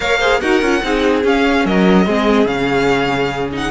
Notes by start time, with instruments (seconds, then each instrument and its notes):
0.00 cello A#3, viola A#4, violin C#5 F5
0.19 viola G#4, violin C5
0.40 cello D#4, viola F#4, violin A#4 F#5
0.61 cello C#4, viola F4
0.81 cello C4, viola D#4, violin G#4
1.23 cello C#4, viola C#4, violin F5
1.65 cello F#3, violin A#4 D#5
2.06 cello G#3, viola C4, violin G#4
2.45 cello C#3, viola C#4, violin F5
3.52 viola D#4, violin F#5